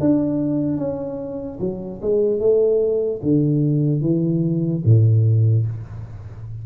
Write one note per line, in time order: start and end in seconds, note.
0.00 0.78 D4
0.78 1.59 C#4
1.60 2.00 F#3
2.02 2.40 G#3
2.40 3.21 A3
3.22 4.01 D3
4.01 4.82 E3
4.85 5.66 A2